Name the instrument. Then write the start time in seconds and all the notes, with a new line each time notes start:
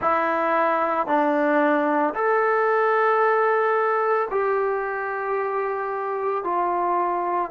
trombone
0.01 E4
1.07 D4
2.14 A4
4.31 G4
6.44 F4